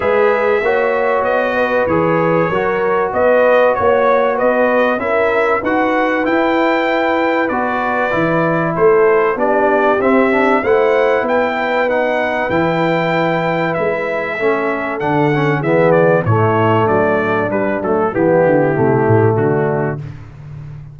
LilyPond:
<<
  \new Staff \with { instrumentName = "trumpet" } { \time 4/4 \tempo 4 = 96 e''2 dis''4 cis''4~ | cis''4 dis''4 cis''4 dis''4 | e''4 fis''4 g''2 | d''2 c''4 d''4 |
e''4 fis''4 g''4 fis''4 | g''2 e''2 | fis''4 e''8 d''8 cis''4 d''4 | b'8 a'8 g'2 fis'4 | }
  \new Staff \with { instrumentName = "horn" } { \time 4/4 b'4 cis''4. b'4. | ais'4 b'4 cis''4 b'4 | ais'4 b'2.~ | b'2 a'4 g'4~ |
g'4 c''4 b'2~ | b'2. a'4~ | a'4 gis'4 e'4 d'4~ | d'4 e'2 d'4 | }
  \new Staff \with { instrumentName = "trombone" } { \time 4/4 gis'4 fis'2 gis'4 | fis'1 | e'4 fis'4 e'2 | fis'4 e'2 d'4 |
c'8 d'8 e'2 dis'4 | e'2. cis'4 | d'8 cis'8 b4 a2 | g8 a8 b4 a2 | }
  \new Staff \with { instrumentName = "tuba" } { \time 4/4 gis4 ais4 b4 e4 | fis4 b4 ais4 b4 | cis'4 dis'4 e'2 | b4 e4 a4 b4 |
c'4 a4 b2 | e2 gis4 a4 | d4 e4 a,4 fis4 | g8 fis8 e8 d8 c8 a,8 d4 | }
>>